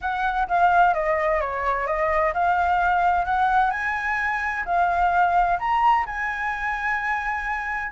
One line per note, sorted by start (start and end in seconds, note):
0.01 0.47 F#5
0.48 0.94 F5
0.94 1.40 D#5
1.41 1.86 C#5
1.86 2.33 D#5
2.33 3.25 F5
3.25 3.71 F#5
3.71 4.64 G#5
4.65 5.58 F5
5.59 6.05 A#5
6.06 7.92 G#5